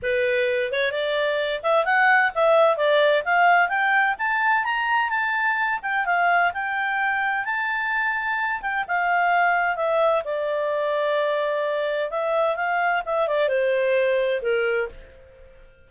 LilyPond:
\new Staff \with { instrumentName = "clarinet" } { \time 4/4 \tempo 4 = 129 b'4. cis''8 d''4. e''8 | fis''4 e''4 d''4 f''4 | g''4 a''4 ais''4 a''4~ | a''8 g''8 f''4 g''2 |
a''2~ a''8 g''8 f''4~ | f''4 e''4 d''2~ | d''2 e''4 f''4 | e''8 d''8 c''2 ais'4 | }